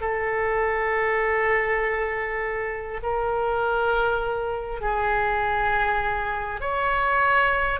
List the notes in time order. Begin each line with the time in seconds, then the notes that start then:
0.00 A4
3.02 A#4
4.81 G#4
6.61 C#5